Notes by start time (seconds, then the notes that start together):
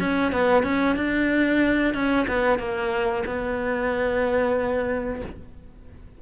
0.00 C#4
0.32 B3
0.64 C#4
0.96 D4
1.94 C#4
2.28 B3
2.59 A#3
3.26 B3